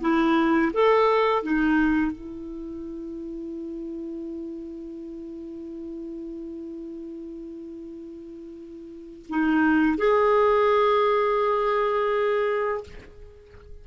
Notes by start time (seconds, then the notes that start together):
0.00 E4
0.73 A4
1.42 D#4
2.11 E4
9.29 D#4
9.97 G#4